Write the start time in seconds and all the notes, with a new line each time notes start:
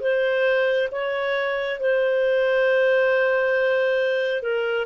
0.00 C5
0.91 C#5
1.80 C5
4.42 A#4